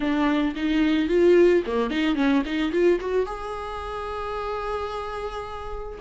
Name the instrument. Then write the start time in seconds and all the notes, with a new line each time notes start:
viola
0.00 D4
0.55 D#4
1.08 F4
1.66 A#3
1.90 D#4
2.15 C#4
2.45 D#4
2.71 F4
3.00 F#4
3.26 G#4